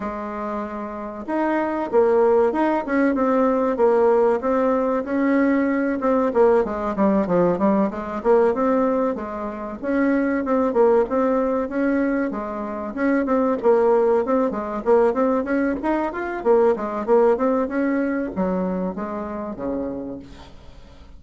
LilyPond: \new Staff \with { instrumentName = "bassoon" } { \time 4/4 \tempo 4 = 95 gis2 dis'4 ais4 | dis'8 cis'8 c'4 ais4 c'4 | cis'4. c'8 ais8 gis8 g8 f8 | g8 gis8 ais8 c'4 gis4 cis'8~ |
cis'8 c'8 ais8 c'4 cis'4 gis8~ | gis8 cis'8 c'8 ais4 c'8 gis8 ais8 | c'8 cis'8 dis'8 f'8 ais8 gis8 ais8 c'8 | cis'4 fis4 gis4 cis4 | }